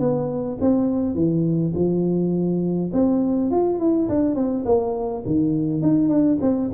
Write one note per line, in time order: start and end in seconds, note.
0.00 0.58 B3
0.61 1.15 C4
1.15 1.73 E3
1.75 2.91 F3
2.93 3.51 C4
3.51 3.79 F4
3.79 4.09 E4
4.09 4.36 D4
4.36 4.65 C4
4.66 5.24 A#3
5.26 5.82 D#3
5.82 6.09 D#4
6.09 6.38 D4
6.42 6.71 C4